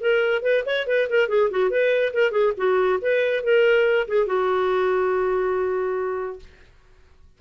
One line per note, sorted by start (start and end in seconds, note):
0.00 0.42 A#4
0.42 0.63 B4
0.66 0.87 C#5
0.87 1.08 B4
1.09 1.28 A#4
1.28 1.50 G#4
1.50 1.70 F#4
1.70 2.13 B4
2.13 2.31 A#4
2.31 2.52 G#4
2.57 2.99 F#4
3.01 3.43 B4
3.43 4.07 A#4
4.08 4.26 G#4
4.26 6.39 F#4